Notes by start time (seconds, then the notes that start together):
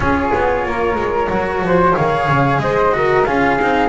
0.00 C#4 F4 G#4 C#5
0.35 B3
0.66 A#3 A#4
0.95 G#3
1.30 F#3 F#4
1.61 F3 C5
1.95 D#3 G#4 C#5 F5
2.27 C#3
2.58 G#3 C5 D#5
2.91 F#4 A#4
3.24 C#4 F4 G#4 F5
3.61 C4 D#4